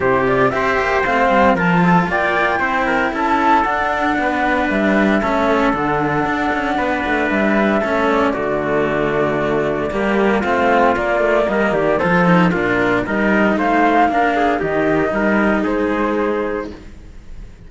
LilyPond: <<
  \new Staff \with { instrumentName = "flute" } { \time 4/4 \tempo 4 = 115 c''8 d''8 e''4 f''4 a''4 | g''2 a''4 fis''4~ | fis''4 e''2 fis''4~ | fis''2 e''4. d''8~ |
d''1 | f''4 d''4 dis''8 d''8 c''4 | ais'4 dis''4 f''2 | dis''2 c''2 | }
  \new Staff \with { instrumentName = "trumpet" } { \time 4/4 g'4 c''2 ais'8 a'8 | d''4 c''8 ais'8 a'2 | b'2 a'2~ | a'4 b'2 a'4 |
fis'2. g'4 | f'2 ais'8 g'8 a'4 | f'4 ais'4 c''4 ais'8 gis'8 | g'4 ais'4 gis'2 | }
  \new Staff \with { instrumentName = "cello" } { \time 4/4 e'8 f'8 g'4 c'4 f'4~ | f'4 e'2 d'4~ | d'2 cis'4 d'4~ | d'2. cis'4 |
a2. ais4 | c'4 ais2 f'8 dis'8 | d'4 dis'2 d'4 | dis'1 | }
  \new Staff \with { instrumentName = "cello" } { \time 4/4 c4 c'8 ais8 a8 g8 f4 | ais4 c'4 cis'4 d'4 | b4 g4 a4 d4 | d'8 cis'8 b8 a8 g4 a4 |
d2. g4 | a4 ais8 a8 g8 dis8 f4 | ais,4 g4 a4 ais4 | dis4 g4 gis2 | }
>>